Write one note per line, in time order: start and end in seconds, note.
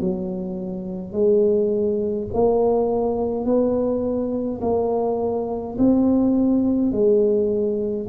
0.00 1.12 F#3
1.12 2.28 G#3
2.33 3.45 A#3
3.45 4.60 B3
4.62 5.77 A#3
5.78 6.92 C4
6.92 8.07 G#3